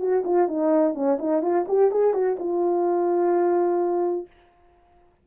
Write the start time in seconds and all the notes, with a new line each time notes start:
0.00 F#4
0.25 F4
0.48 D#4
0.95 C#4
1.19 D#4
1.42 F4
1.68 G4
1.91 G#4
2.14 F#4
2.39 F4